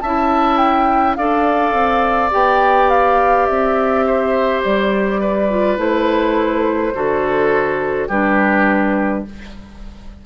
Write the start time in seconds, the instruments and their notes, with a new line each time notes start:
0.00 bassoon C#4, clarinet E4, oboe E5, flute A5
0.57 flute G5
1.15 bassoon D4, clarinet A4, oboe D5, flute F5
1.73 bassoon C4
2.31 bassoon B3, clarinet G4, flute G5
2.89 flute F5
3.46 bassoon C4, flute E5
4.06 oboe C5
4.63 bassoon G3, flute D5
5.20 oboe B4
5.49 clarinet F4
5.77 bassoon A3, clarinet E4, flute C5
6.94 bassoon D3, clarinet F#4, oboe A4
8.08 bassoon G3, clarinet D4, oboe G4, flute B4